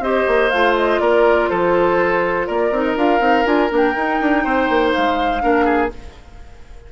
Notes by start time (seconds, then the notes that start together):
0.00 C4 G4 C5 D#5
0.28 A#3
0.50 A3 F4 F5
0.77 D#5
1.00 A#3 A#4 D5
1.49 F3 A4 C5
2.47 A#3 A#4 D5
2.71 C4 D#4
2.85 D#5
2.97 D4 F4 F5
3.19 C4 D#4
3.46 D4 F4 G#5
3.70 A#3 D4
3.76 G5
3.95 D#4
4.21 D4
4.44 C4 C5
4.70 A#3
4.93 G#3 F5
5.40 A#3 D4 A#4
5.66 G#4